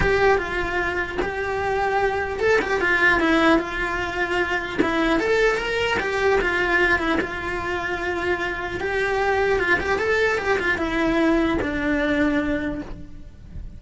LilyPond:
\new Staff \with { instrumentName = "cello" } { \time 4/4 \tempo 4 = 150 g'4 f'2 g'4~ | g'2 a'8 g'8 f'4 | e'4 f'2. | e'4 a'4 ais'4 g'4 |
f'4. e'8 f'2~ | f'2 g'2 | f'8 g'8 a'4 g'8 f'8 e'4~ | e'4 d'2. | }